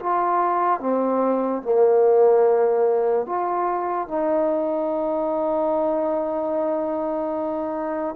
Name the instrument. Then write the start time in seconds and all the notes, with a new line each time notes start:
trombone
0.00 F4
0.80 C4
1.63 A#3
3.27 F4
4.08 D#4